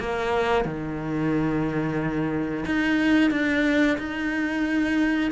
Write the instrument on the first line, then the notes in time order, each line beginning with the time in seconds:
cello
0.00 A#3
0.65 D#3
2.66 D#4
3.31 D4
3.98 D#4